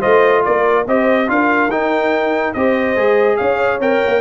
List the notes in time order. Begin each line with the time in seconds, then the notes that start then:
0.00 A3 F4 C5 D#5
0.45 A#3 A#4 D5
0.87 C4 G4 C5 D#5
1.28 D4 F4 A#4 F5
1.68 D#4 G5
2.54 C4 G4 C5 D#5
2.96 G#3 G#4
3.37 C#4 C#5 F5
3.79 C4 A#4 G5
4.06 A#3